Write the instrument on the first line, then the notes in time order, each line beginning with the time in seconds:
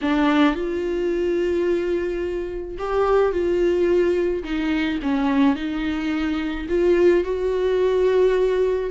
viola
0.01 D4
0.55 F4
2.78 G4
3.32 F4
4.43 D#4
5.02 C#4
5.55 D#4
6.68 F4
7.24 F#4